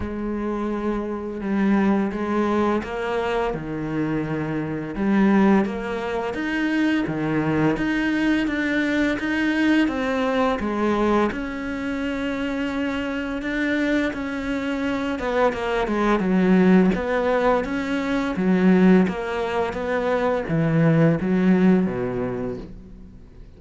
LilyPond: \new Staff \with { instrumentName = "cello" } { \time 4/4 \tempo 4 = 85 gis2 g4 gis4 | ais4 dis2 g4 | ais4 dis'4 dis4 dis'4 | d'4 dis'4 c'4 gis4 |
cis'2. d'4 | cis'4. b8 ais8 gis8 fis4 | b4 cis'4 fis4 ais4 | b4 e4 fis4 b,4 | }